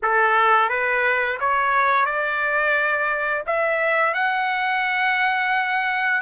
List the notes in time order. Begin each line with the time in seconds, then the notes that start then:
0.02 A4
0.69 B4
1.39 C#5
2.05 D5
3.46 E5
4.14 F#5